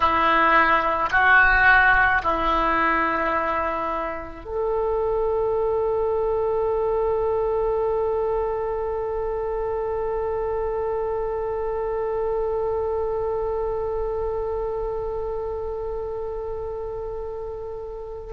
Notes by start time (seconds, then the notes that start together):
0.00 E4
1.11 F#4
2.22 E4
4.44 A4